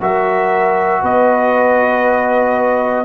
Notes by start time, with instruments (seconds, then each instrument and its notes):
0.00 tuba F#3, trombone F#4, horn A#4, trumpet E5
1.01 tuba B3, horn B4, trumpet D#5